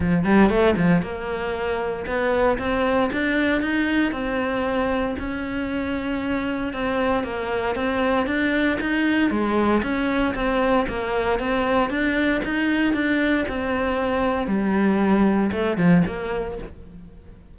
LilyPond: \new Staff \with { instrumentName = "cello" } { \time 4/4 \tempo 4 = 116 f8 g8 a8 f8 ais2 | b4 c'4 d'4 dis'4 | c'2 cis'2~ | cis'4 c'4 ais4 c'4 |
d'4 dis'4 gis4 cis'4 | c'4 ais4 c'4 d'4 | dis'4 d'4 c'2 | g2 a8 f8 ais4 | }